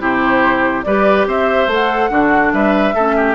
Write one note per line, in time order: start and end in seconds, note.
0.00 0.84 C3
0.00 0.84 E4
0.00 0.85 G4
0.00 0.84 C5
0.84 1.27 G3
0.84 1.69 G4
0.84 1.28 B4
0.84 1.26 D5
1.27 1.67 C4
1.27 2.11 C5
1.27 1.72 E5
1.67 2.09 A3
1.67 2.10 A4
1.67 2.53 F#5
2.10 2.53 D3
2.10 2.94 D4
2.10 2.53 F#4
2.53 2.95 G3
2.53 2.95 B4
2.53 3.35 E5
2.95 3.35 A3
2.95 3.35 C#4
2.95 3.16 A4
3.17 3.35 G4